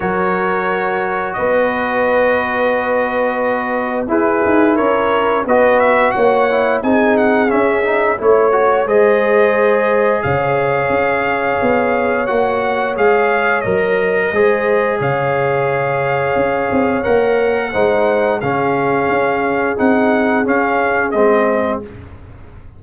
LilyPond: <<
  \new Staff \with { instrumentName = "trumpet" } { \time 4/4 \tempo 4 = 88 cis''2 dis''2~ | dis''2 b'4 cis''4 | dis''8 e''8 fis''4 gis''8 fis''8 e''4 | cis''4 dis''2 f''4~ |
f''2 fis''4 f''4 | dis''2 f''2~ | f''4 fis''2 f''4~ | f''4 fis''4 f''4 dis''4 | }
  \new Staff \with { instrumentName = "horn" } { \time 4/4 ais'2 b'2~ | b'2 gis'4 ais'4 | b'4 cis''4 gis'2 | cis''4 c''2 cis''4~ |
cis''1~ | cis''4 c''4 cis''2~ | cis''2 c''4 gis'4~ | gis'1 | }
  \new Staff \with { instrumentName = "trombone" } { \time 4/4 fis'1~ | fis'2 e'2 | fis'4. e'8 dis'4 cis'8 dis'8 | e'8 fis'8 gis'2.~ |
gis'2 fis'4 gis'4 | ais'4 gis'2.~ | gis'4 ais'4 dis'4 cis'4~ | cis'4 dis'4 cis'4 c'4 | }
  \new Staff \with { instrumentName = "tuba" } { \time 4/4 fis2 b2~ | b2 e'8 dis'8 cis'4 | b4 ais4 c'4 cis'4 | a4 gis2 cis4 |
cis'4 b4 ais4 gis4 | fis4 gis4 cis2 | cis'8 c'8 ais4 gis4 cis4 | cis'4 c'4 cis'4 gis4 | }
>>